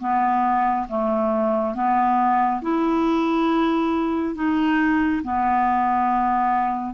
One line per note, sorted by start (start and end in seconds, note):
0.00 0.87 B3
0.88 1.75 A3
1.75 2.62 B3
2.62 4.35 E4
4.35 5.22 D#4
5.23 6.94 B3